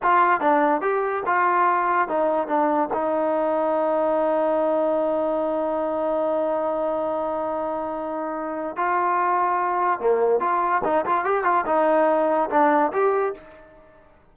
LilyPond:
\new Staff \with { instrumentName = "trombone" } { \time 4/4 \tempo 4 = 144 f'4 d'4 g'4 f'4~ | f'4 dis'4 d'4 dis'4~ | dis'1~ | dis'1~ |
dis'1~ | dis'4 f'2. | ais4 f'4 dis'8 f'8 g'8 f'8 | dis'2 d'4 g'4 | }